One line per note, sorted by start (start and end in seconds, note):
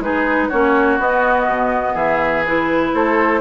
0.00 0.49 G#3
0.00 0.52 D#4
0.00 0.49 G#4
0.00 0.50 B4
0.49 0.99 A#3
0.49 0.99 C#4
0.49 1.94 F#4
0.49 0.99 C#5
0.99 1.48 B3
0.99 2.46 B3
0.99 1.97 D#5
1.48 1.95 B2
1.94 2.92 E3
1.94 2.92 G#4
1.94 2.45 E5
2.47 3.41 E4
2.47 2.95 B4
2.94 3.41 A3
2.94 3.41 A4
2.94 3.41 C5